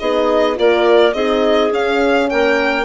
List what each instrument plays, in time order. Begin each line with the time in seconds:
0.00 bassoon B3, horn D#4, clarinet G#4, violin D#5
0.55 bassoon A#3, horn F4, clarinet A#4, violin D5
1.14 bassoon C4, horn D#4, clarinet G#4, violin D#5
1.72 bassoon C#4, horn C#4, violin F5
2.30 bassoon A#3, clarinet A#4, violin G5